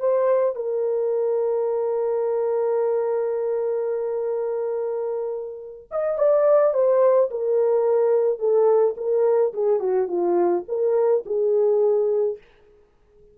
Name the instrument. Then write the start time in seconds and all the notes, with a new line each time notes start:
horn
0.00 C5
0.56 A#4
5.91 D#5
6.19 D5
6.74 C5
7.31 A#4
8.39 A4
8.97 A#4
9.54 G#4
9.80 F#4
10.08 F4
10.68 A#4
11.26 G#4